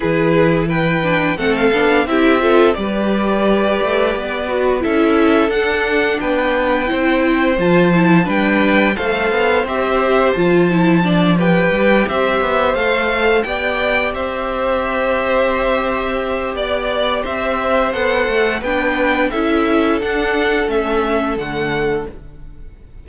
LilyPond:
<<
  \new Staff \with { instrumentName = "violin" } { \time 4/4 \tempo 4 = 87 b'4 g''4 fis''16 f''8. e''4 | d''2. e''4 | fis''4 g''2 a''4 | g''4 f''4 e''4 a''4~ |
a''8 g''4 e''4 f''4 g''8~ | g''8 e''2.~ e''8 | d''4 e''4 fis''4 g''4 | e''4 fis''4 e''4 fis''4 | }
  \new Staff \with { instrumentName = "violin" } { \time 4/4 gis'4 b'4 a'4 g'8 a'8 | b'2. a'4~ | a'4 b'4 c''2 | b'4 c''2. |
d''8 b'4 c''2 d''8~ | d''8 c''2.~ c''8 | d''4 c''2 b'4 | a'1 | }
  \new Staff \with { instrumentName = "viola" } { \time 4/4 e'4. d'8 c'8 d'8 e'8 f'8 | g'2~ g'8 fis'8 e'4 | d'2 e'4 f'8 e'8 | d'4 a'4 g'4 f'8 e'8 |
d'8 g'2 a'4 g'8~ | g'1~ | g'2 a'4 d'4 | e'4 d'4 cis'4 a4 | }
  \new Staff \with { instrumentName = "cello" } { \time 4/4 e2 a8 b8 c'4 | g4. a8 b4 cis'4 | d'4 b4 c'4 f4 | g4 a8 b8 c'4 f4~ |
f4 g8 c'8 b8 a4 b8~ | b8 c'2.~ c'8 | b4 c'4 b8 a8 b4 | cis'4 d'4 a4 d4 | }
>>